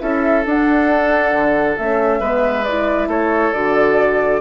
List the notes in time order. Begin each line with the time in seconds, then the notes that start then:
0.00 C#4 E4 A4 E5
0.46 D4 F#5
1.32 D3
1.78 A3 C#4 E5
2.20 G#3 B3 B4
2.64 E4 D5
3.08 A3 A4 C#5
3.54 D3 F#4 D5